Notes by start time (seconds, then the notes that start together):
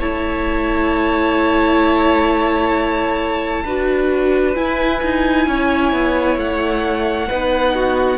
0.00 A3 E4 C#5 A5
3.65 D4 F#4 B4
4.55 E4 G#5
5.03 D#4
5.47 C#4 C#5
5.93 B3
6.37 A3 F#5
7.29 B3 D#4 B4
7.75 F#4